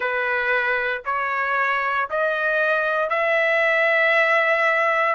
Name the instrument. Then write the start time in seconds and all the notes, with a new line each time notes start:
trumpet
0.00 B4
1.05 C#5
2.09 D#5
3.09 E5